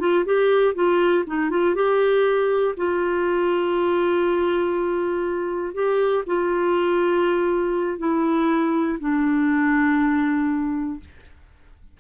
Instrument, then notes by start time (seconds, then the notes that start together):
clarinet
0.00 F4
0.25 G4
0.75 F4
1.27 D#4
1.50 F4
1.75 G4
2.77 F4
5.74 G4
6.27 F4
7.98 E4
9.00 D4